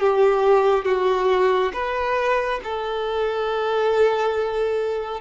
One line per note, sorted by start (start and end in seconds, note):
0.00 0.85 G4
0.85 1.72 F#4
1.73 2.60 B4
2.64 5.21 A4